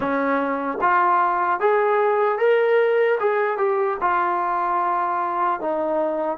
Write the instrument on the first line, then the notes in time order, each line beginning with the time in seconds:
trombone
0.00 C#4
0.81 F4
1.60 G#4
2.38 A#4
3.20 G#4
3.57 G4
4.00 F4
5.60 D#4